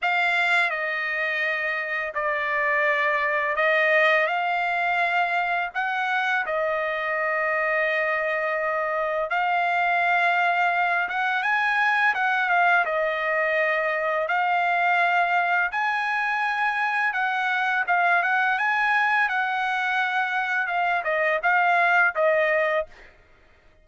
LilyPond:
\new Staff \with { instrumentName = "trumpet" } { \time 4/4 \tempo 4 = 84 f''4 dis''2 d''4~ | d''4 dis''4 f''2 | fis''4 dis''2.~ | dis''4 f''2~ f''8 fis''8 |
gis''4 fis''8 f''8 dis''2 | f''2 gis''2 | fis''4 f''8 fis''8 gis''4 fis''4~ | fis''4 f''8 dis''8 f''4 dis''4 | }